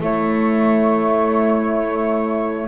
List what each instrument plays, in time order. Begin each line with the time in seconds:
0.00 double bass A3, clarinet A3, horn E4, flute C#5